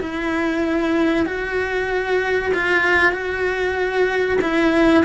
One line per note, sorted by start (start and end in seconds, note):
0.00 1.26 E4
1.26 2.52 F#4
2.54 3.12 F4
3.12 4.38 F#4
4.41 5.04 E4